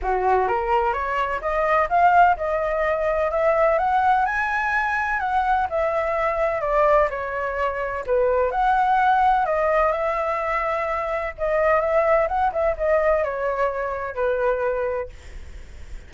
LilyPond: \new Staff \with { instrumentName = "flute" } { \time 4/4 \tempo 4 = 127 fis'4 ais'4 cis''4 dis''4 | f''4 dis''2 e''4 | fis''4 gis''2 fis''4 | e''2 d''4 cis''4~ |
cis''4 b'4 fis''2 | dis''4 e''2. | dis''4 e''4 fis''8 e''8 dis''4 | cis''2 b'2 | }